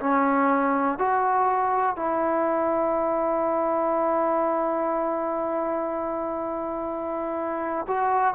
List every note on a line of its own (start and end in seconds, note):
0.00 0.98 C#4
0.98 1.96 F#4
1.96 7.86 E4
7.88 8.34 F#4